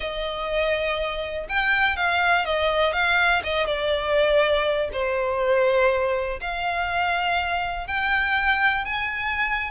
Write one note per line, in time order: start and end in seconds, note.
0.00 1.47 D#5
1.48 1.96 G5
1.96 2.45 F5
2.45 2.92 D#5
2.92 3.42 F5
3.43 3.66 D#5
3.66 4.89 D5
4.92 6.39 C5
6.40 7.87 F5
7.87 8.84 G5
8.84 9.70 G#5